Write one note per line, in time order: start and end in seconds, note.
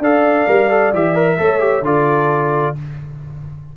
0.00 0.45 D4
0.00 0.48 A4
0.00 1.38 D5
0.00 0.94 F5
0.48 0.93 G3
0.48 0.70 A#4
0.70 0.93 A4
0.93 1.39 E3
0.93 1.15 G4
0.93 1.86 E5
1.15 1.38 A#4
1.38 1.82 A3
1.38 1.60 A4
1.38 1.86 C#5
1.60 1.83 G4
1.82 2.73 D3
1.82 2.75 F4
1.82 2.77 A4
1.82 2.77 D5